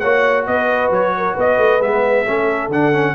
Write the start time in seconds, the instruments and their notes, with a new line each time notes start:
0.00 tuba A#3, trombone F#4, horn C#5, trumpet F#5
0.47 tuba B3, horn B4, trumpet D#5
0.91 tuba F#3, trumpet C#5
1.17 horn A#4
1.34 tuba B3, horn B4
1.40 trumpet D#5
1.58 tuba A3
1.81 tuba G#3, trombone B3, trumpet E5
2.24 tuba A3, trombone C#4, horn A4
2.69 tuba D3, trombone D4, trumpet F#5
2.93 trombone C#4